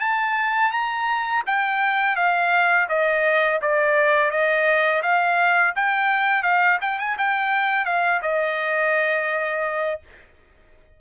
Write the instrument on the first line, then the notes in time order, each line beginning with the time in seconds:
trumpet
0.00 A5
0.71 A#5
1.46 G5
2.16 F5
2.89 D#5
3.61 D5
4.31 D#5
5.02 F5
5.76 G5
6.43 F5
6.81 G5
6.99 G#5
7.18 G5
7.85 F5
8.22 D#5